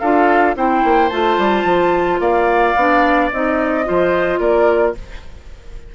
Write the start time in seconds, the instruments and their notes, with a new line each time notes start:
0.00 bassoon D4, clarinet F4, oboe A4, flute F5
0.56 bassoon C4, clarinet E4, oboe C5, flute G5
0.84 bassoon A#3
1.10 bassoon A3, clarinet F4, flute A5
1.39 bassoon G3
1.64 bassoon F3
2.20 bassoon A#3, oboe D5, flute F5
2.76 bassoon B3, clarinet D4
3.32 bassoon C4, clarinet D#4, flute D#5
3.85 bassoon F3, clarinet F4, oboe C5
4.40 bassoon A#3, oboe A#4, flute D5